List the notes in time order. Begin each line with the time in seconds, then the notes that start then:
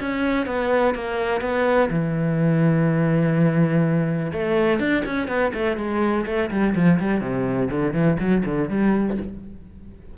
0.00 C#4
0.47 B3
0.95 A#3
1.41 B3
1.90 E3
4.33 A3
4.80 D4
5.06 C#4
5.28 B3
5.54 A3
5.77 G#3
6.26 A3
6.51 G3
6.76 F3
7.00 G3
7.21 C3
7.71 D3
7.94 E3
8.20 F#3
8.45 D3
8.69 G3